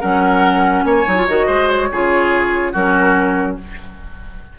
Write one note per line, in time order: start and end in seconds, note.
0.00 0.84 F#3
0.00 1.05 C#4
0.00 0.84 A#4
0.00 0.84 F#5
0.84 1.05 A#3
0.84 1.46 C#5
0.84 1.26 G#5
1.06 1.28 F#3
1.06 1.16 D#4
1.17 1.27 F4
1.28 1.48 D#3
1.28 1.91 F#4
1.28 1.69 D#5
1.46 1.90 G#3
1.46 1.88 C5
1.69 2.74 C#5
1.91 2.75 C#3
1.91 2.75 F4
1.91 2.72 G#4
2.72 3.58 F#3
2.72 3.59 C#4
2.72 3.56 F#4
2.72 3.58 A#4